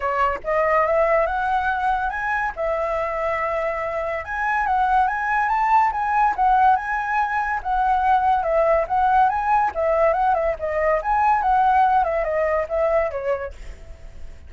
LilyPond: \new Staff \with { instrumentName = "flute" } { \time 4/4 \tempo 4 = 142 cis''4 dis''4 e''4 fis''4~ | fis''4 gis''4 e''2~ | e''2 gis''4 fis''4 | gis''4 a''4 gis''4 fis''4 |
gis''2 fis''2 | e''4 fis''4 gis''4 e''4 | fis''8 e''8 dis''4 gis''4 fis''4~ | fis''8 e''8 dis''4 e''4 cis''4 | }